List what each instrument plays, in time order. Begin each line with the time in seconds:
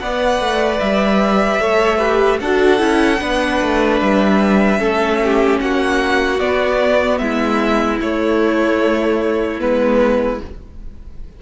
0.00 cello B3, viola B4, violin D5 F#5
0.40 cello A3
0.80 cello G3, violin E5
1.60 cello A3, viola A4, violin C#5
1.98 viola G4, violin B4
2.40 cello D4, viola F#4, violin A4 F#5
2.79 cello C#4, viola E4
3.20 cello B3, viola D4, violin B4
3.62 cello A3
4.00 cello G3, violin E5
4.78 cello A3, viola C#4, violin A4
5.24 violin G4
5.60 cello A#3, violin F#4 F#5
6.40 cello B3, viola B3, violin D5
7.18 cello G#3, violin E4 E5
8.01 cello A3, viola A3, violin C#5
9.60 cello G#3, viola B3, violin B4